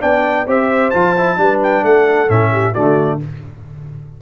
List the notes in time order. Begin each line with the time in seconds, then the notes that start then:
0.00 B3 D4 D5 G5
0.47 C4 G4 C5 E5
0.90 F3 F4 A5
1.17 E4
1.37 G3 D4 B4
1.62 G5
1.83 A3 A4 F#5
2.28 A2 C#4 E5
2.52 G4
2.72 D3 A3 F#4 D5